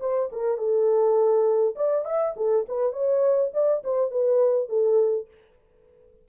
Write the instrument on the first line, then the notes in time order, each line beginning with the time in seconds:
horn
0.00 C5
0.32 A#4
0.57 A4
1.75 D5
2.05 E5
2.36 A4
2.68 B4
2.92 C#5
3.53 D5
3.84 C5
4.10 B4
4.69 A4